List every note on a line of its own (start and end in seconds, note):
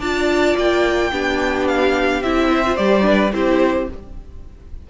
0.00 0.56 D4
0.00 1.12 F4
0.00 1.11 D5
0.00 0.57 A5
0.57 1.12 A#3
0.57 1.68 G5
1.12 2.23 B3
1.12 2.23 D4
1.12 2.50 G4
1.68 2.23 F5
2.23 2.78 C4
2.23 2.66 E4
2.23 2.77 E5
2.50 3.06 C5
2.66 2.77 F4
2.77 3.33 G3
2.77 3.02 G4
2.77 3.33 D5
3.02 3.30 D4
3.02 3.34 B4
3.33 3.89 C4
3.33 3.89 E4
3.33 3.91 G4
3.33 3.90 C5